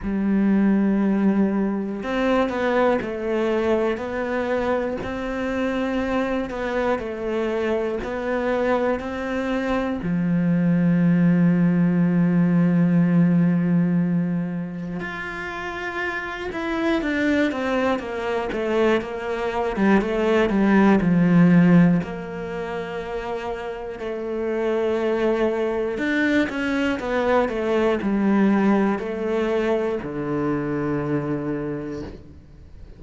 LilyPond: \new Staff \with { instrumentName = "cello" } { \time 4/4 \tempo 4 = 60 g2 c'8 b8 a4 | b4 c'4. b8 a4 | b4 c'4 f2~ | f2. f'4~ |
f'8 e'8 d'8 c'8 ais8 a8 ais8. g16 | a8 g8 f4 ais2 | a2 d'8 cis'8 b8 a8 | g4 a4 d2 | }